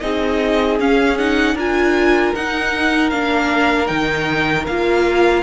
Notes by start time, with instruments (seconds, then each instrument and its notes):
0.00 cello C4, viola D#4, violin G#4 D#5
0.80 viola C#4, cello C#4, violin F5
1.18 viola D#4, violin F#5
1.55 cello D4, viola F4, violin A#4 G#5
2.35 cello D#4, viola D#4, violin F#5
3.11 cello A#3, viola D4, violin F5
3.87 cello D#3, viola D#4, violin G5
4.67 cello A#3, viola F4, violin F5